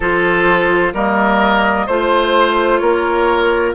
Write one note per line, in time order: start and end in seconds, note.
0.00 0.93 F3
0.00 0.95 F4
0.00 0.93 A4
0.00 0.95 C5
0.93 1.87 G3
0.93 1.88 A#3
0.93 1.86 A#4
0.93 1.88 D#5
1.86 2.81 A3
1.86 3.75 F4
1.86 2.80 C5
1.86 2.77 C5
2.77 3.74 A#3
2.77 3.75 A#4
2.77 3.71 C#5